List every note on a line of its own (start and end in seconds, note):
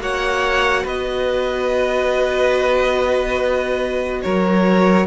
0.00 0.85 A#3
0.00 5.07 F#4
0.00 0.83 C#5
0.00 0.86 F#5
0.83 4.23 B3
0.83 4.21 B4
0.83 4.22 D#5
4.22 5.07 F#3
4.22 5.07 A#4
4.22 5.07 C#5